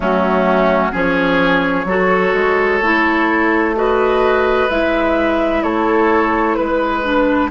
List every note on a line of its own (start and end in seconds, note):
0.00 0.91 F#3
0.00 0.91 A3
0.00 0.92 C#4
0.00 0.95 F#4
0.91 1.84 F3
0.91 1.85 C#4
0.91 1.85 G#4
0.91 3.76 C#5
1.84 2.31 F#3
1.84 2.82 F#4
1.84 3.75 A4
2.33 2.80 G#3
2.80 4.68 A3
2.80 3.75 E4
3.75 4.69 F#4
3.75 5.63 B4
3.75 4.69 D#5
4.69 5.62 G#3
4.69 7.03 E4
4.69 5.62 E5
5.62 6.56 A3
5.62 6.56 A4
5.62 6.55 C#5
6.55 7.51 G#3
6.55 7.49 B4
6.55 7.50 B4
7.03 7.50 D4